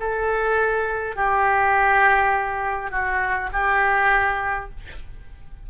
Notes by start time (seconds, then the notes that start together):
0.00 A4
1.16 G4
2.91 F#4
3.53 G4